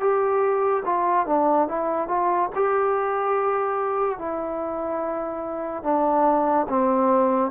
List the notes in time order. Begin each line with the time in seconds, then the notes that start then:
0.00 G4
0.85 F4
1.27 D4
1.68 E4
2.08 F4
2.56 G4
4.19 E4
5.83 D4
6.69 C4